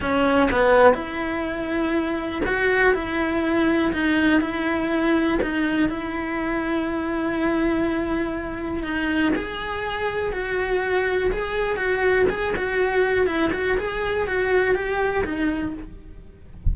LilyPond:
\new Staff \with { instrumentName = "cello" } { \time 4/4 \tempo 4 = 122 cis'4 b4 e'2~ | e'4 fis'4 e'2 | dis'4 e'2 dis'4 | e'1~ |
e'2 dis'4 gis'4~ | gis'4 fis'2 gis'4 | fis'4 gis'8 fis'4. e'8 fis'8 | gis'4 fis'4 g'4 dis'4 | }